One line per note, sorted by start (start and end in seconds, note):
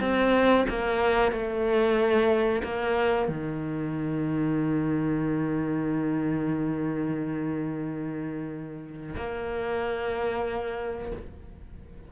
0.00 0.65 C4
0.69 1.32 A#3
1.32 2.62 A3
2.63 3.28 A#3
3.28 9.15 D#3
9.16 11.12 A#3